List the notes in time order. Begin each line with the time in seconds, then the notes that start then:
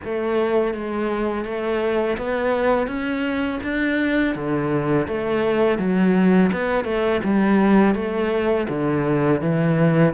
0.04 A3
0.74 G#3
1.45 A3
2.17 B3
2.87 C#4
3.63 D4
4.35 D3
5.07 A3
5.78 F#3
6.52 B3
6.84 A3
7.24 G3
7.95 A3
8.68 D3
9.41 E3